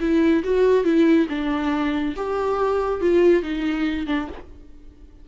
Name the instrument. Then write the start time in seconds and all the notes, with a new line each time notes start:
viola
0.00 E4
0.43 F#4
0.84 E4
1.29 D4
2.16 G4
3.01 F4
3.42 D#4
4.06 D4